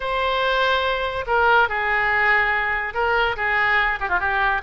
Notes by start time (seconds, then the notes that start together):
0.00 C5
1.26 A#4
1.68 G#4
2.94 A#4
3.36 G#4
4.00 G4
4.09 F4
4.19 G4